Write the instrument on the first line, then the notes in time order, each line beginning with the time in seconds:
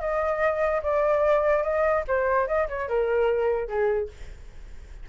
flute
0.00 D#5
0.82 D5
1.63 D#5
2.07 C5
2.47 D#5
2.68 C#5
2.88 A#4
3.68 G#4